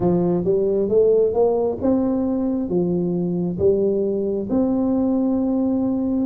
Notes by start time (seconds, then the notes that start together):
0.00 F3
0.44 G3
0.88 A3
1.33 A#3
1.81 C4
2.68 F3
3.58 G3
4.50 C4